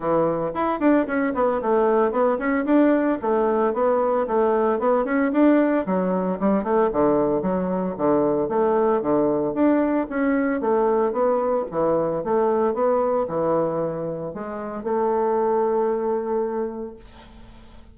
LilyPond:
\new Staff \with { instrumentName = "bassoon" } { \time 4/4 \tempo 4 = 113 e4 e'8 d'8 cis'8 b8 a4 | b8 cis'8 d'4 a4 b4 | a4 b8 cis'8 d'4 fis4 | g8 a8 d4 fis4 d4 |
a4 d4 d'4 cis'4 | a4 b4 e4 a4 | b4 e2 gis4 | a1 | }